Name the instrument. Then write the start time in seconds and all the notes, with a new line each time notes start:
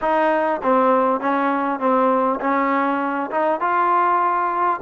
trombone
0.01 D#4
0.62 C4
1.20 C#4
1.79 C4
2.40 C#4
3.31 D#4
3.60 F4